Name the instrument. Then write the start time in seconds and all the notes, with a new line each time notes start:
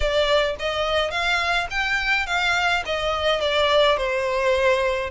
violin
0.00 D5
0.59 D#5
1.10 F5
1.70 G5
2.26 F5
2.85 D#5
3.40 D5
3.97 C5